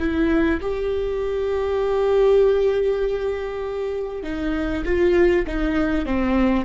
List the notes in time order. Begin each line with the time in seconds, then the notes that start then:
0.00 E4
0.61 G4
4.24 D#4
4.85 F4
5.47 D#4
6.06 C4